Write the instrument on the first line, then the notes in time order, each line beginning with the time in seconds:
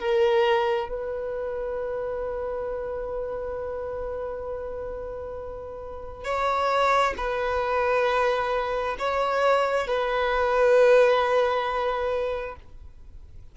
violin
0.00 A#4
0.90 B4
6.25 C#5
7.18 B4
8.99 C#5
9.88 B4